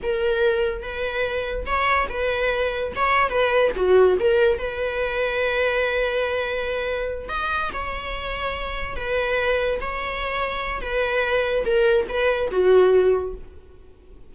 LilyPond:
\new Staff \with { instrumentName = "viola" } { \time 4/4 \tempo 4 = 144 ais'2 b'2 | cis''4 b'2 cis''4 | b'4 fis'4 ais'4 b'4~ | b'1~ |
b'4. dis''4 cis''4.~ | cis''4. b'2 cis''8~ | cis''2 b'2 | ais'4 b'4 fis'2 | }